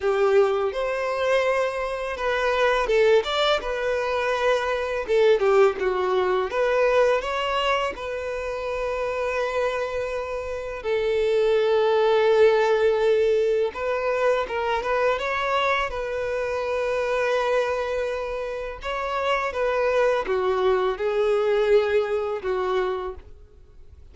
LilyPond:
\new Staff \with { instrumentName = "violin" } { \time 4/4 \tempo 4 = 83 g'4 c''2 b'4 | a'8 d''8 b'2 a'8 g'8 | fis'4 b'4 cis''4 b'4~ | b'2. a'4~ |
a'2. b'4 | ais'8 b'8 cis''4 b'2~ | b'2 cis''4 b'4 | fis'4 gis'2 fis'4 | }